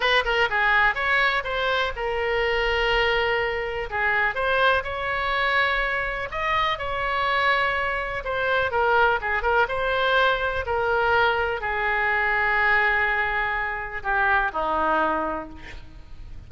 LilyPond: \new Staff \with { instrumentName = "oboe" } { \time 4/4 \tempo 4 = 124 b'8 ais'8 gis'4 cis''4 c''4 | ais'1 | gis'4 c''4 cis''2~ | cis''4 dis''4 cis''2~ |
cis''4 c''4 ais'4 gis'8 ais'8 | c''2 ais'2 | gis'1~ | gis'4 g'4 dis'2 | }